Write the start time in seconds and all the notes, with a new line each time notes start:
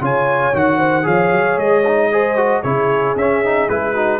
0.00 C#3 F4 C#5 G#5
0.53 D#3 F#4 F#5
0.78 C5
1.03 F3 G#4 C#5 F5
1.31 F#3
1.56 G#3 D#5
1.86 D#4
2.12 G#4 C5
2.36 F#4
2.61 C#3 E4 G#4 C#5
3.15 C#4 E5
3.44 D#4
3.69 G#3 E4 B4
3.93 D#4 F#4